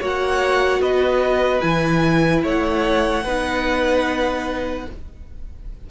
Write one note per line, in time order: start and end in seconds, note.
0.00 0.80 A#3
0.00 1.62 F#4
0.00 0.81 C#5
0.00 0.82 F#5
0.80 1.61 B3
0.80 2.44 B4
0.80 1.61 D#5
1.61 2.44 E3
1.61 3.24 E4
1.61 2.42 G#5
2.44 3.24 A3
2.44 3.24 C#5
2.44 4.91 F#5
3.24 4.87 B3
3.24 4.89 D#4
3.24 4.86 B4